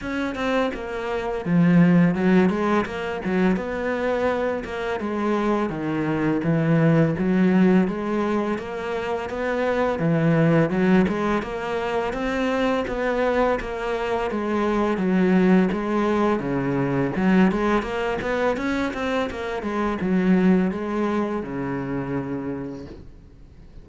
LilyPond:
\new Staff \with { instrumentName = "cello" } { \time 4/4 \tempo 4 = 84 cis'8 c'8 ais4 f4 fis8 gis8 | ais8 fis8 b4. ais8 gis4 | dis4 e4 fis4 gis4 | ais4 b4 e4 fis8 gis8 |
ais4 c'4 b4 ais4 | gis4 fis4 gis4 cis4 | fis8 gis8 ais8 b8 cis'8 c'8 ais8 gis8 | fis4 gis4 cis2 | }